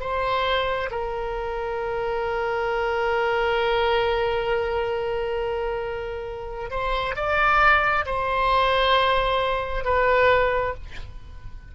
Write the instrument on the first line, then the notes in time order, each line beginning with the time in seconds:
oboe
0.00 C5
0.91 A#4
6.70 C5
7.16 D5
8.06 C5
9.85 B4